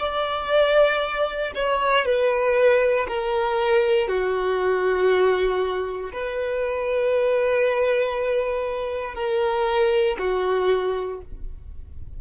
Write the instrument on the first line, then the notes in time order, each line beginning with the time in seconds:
violin
0.00 D5
1.55 C#5
2.06 B4
3.08 A#4
4.08 F#4
6.13 B4
9.15 A#4
10.19 F#4